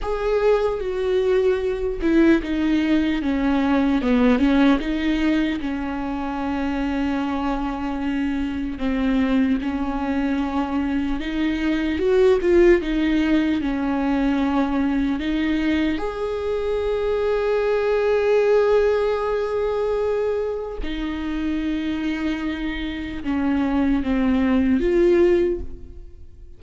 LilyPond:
\new Staff \with { instrumentName = "viola" } { \time 4/4 \tempo 4 = 75 gis'4 fis'4. e'8 dis'4 | cis'4 b8 cis'8 dis'4 cis'4~ | cis'2. c'4 | cis'2 dis'4 fis'8 f'8 |
dis'4 cis'2 dis'4 | gis'1~ | gis'2 dis'2~ | dis'4 cis'4 c'4 f'4 | }